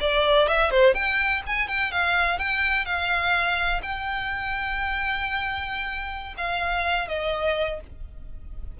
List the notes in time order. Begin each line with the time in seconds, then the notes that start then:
0.00 D5
0.48 E5
0.70 C5
0.94 G5
1.46 G#5
1.68 G5
1.91 F5
2.38 G5
2.85 F5
3.82 G5
6.37 F5
7.08 D#5